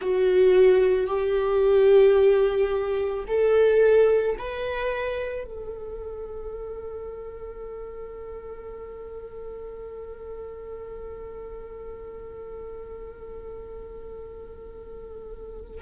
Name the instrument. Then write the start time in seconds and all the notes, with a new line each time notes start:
viola
0.00 F#4
1.06 G4
3.27 A4
4.38 B4
5.44 A4